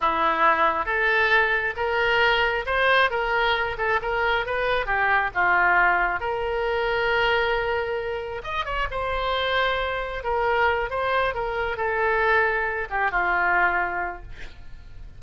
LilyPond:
\new Staff \with { instrumentName = "oboe" } { \time 4/4 \tempo 4 = 135 e'2 a'2 | ais'2 c''4 ais'4~ | ais'8 a'8 ais'4 b'4 g'4 | f'2 ais'2~ |
ais'2. dis''8 cis''8 | c''2. ais'4~ | ais'8 c''4 ais'4 a'4.~ | a'4 g'8 f'2~ f'8 | }